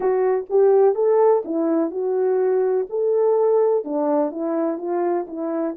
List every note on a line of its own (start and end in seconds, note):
0.00 0.45 F#4
0.49 0.94 G4
0.94 1.42 A4
1.44 1.90 E4
1.90 2.86 F#4
2.89 3.84 A4
3.84 4.31 D4
4.31 4.78 E4
4.78 5.26 F4
5.27 5.75 E4